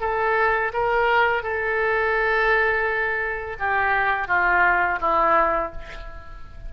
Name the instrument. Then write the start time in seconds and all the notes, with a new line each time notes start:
oboe
0.00 A4
0.73 A#4
1.42 A4
3.59 G4
4.27 F4
5.00 E4